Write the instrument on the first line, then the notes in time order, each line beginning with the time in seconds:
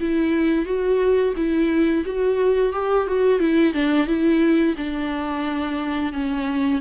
viola
0.00 E4
0.65 F#4
1.36 E4
2.05 F#4
2.73 G4
3.07 F#4
3.40 E4
3.73 D4
4.07 E4
4.77 D4
6.13 C#4